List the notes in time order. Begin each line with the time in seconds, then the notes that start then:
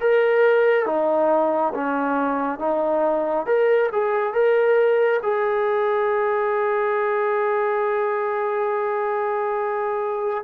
0.00 A#4
0.86 D#4
1.74 C#4
2.59 D#4
3.46 A#4
3.92 G#4
4.33 A#4
5.23 G#4